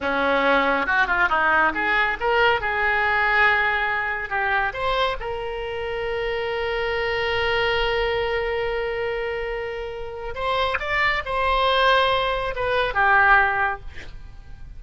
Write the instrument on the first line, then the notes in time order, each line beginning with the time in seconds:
oboe
0.00 C#4
0.86 F#4
1.07 F4
1.29 D#4
1.74 G#4
2.20 A#4
2.60 G#4
4.29 G4
4.73 C5
5.20 A#4
10.35 C5
10.79 D5
11.25 C5
12.55 B4
12.94 G4